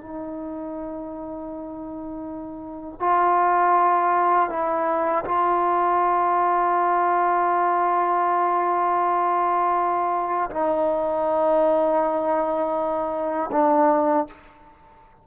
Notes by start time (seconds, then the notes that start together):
0.00 D#4
2.99 F4
4.49 E4
5.24 F4
10.50 D#4
13.52 D4